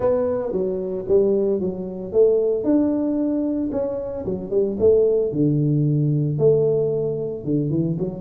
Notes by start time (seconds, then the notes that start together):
0.00 B3
0.52 F#3
1.08 G3
1.60 F#3
2.12 A3
2.64 D4
3.71 C#4
4.25 F#3
4.50 G3
4.79 A3
5.32 D3
6.38 A3
7.44 D3
7.70 E3
7.98 F#3